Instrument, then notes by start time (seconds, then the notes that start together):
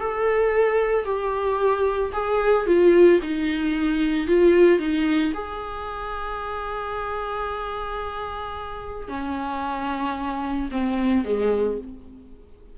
viola
0.00 A4
1.05 G4
2.13 G#4
2.66 F4
3.22 D#4
4.27 F4
4.79 D#4
5.34 G#4
9.09 C#4
10.71 C4
11.25 G#3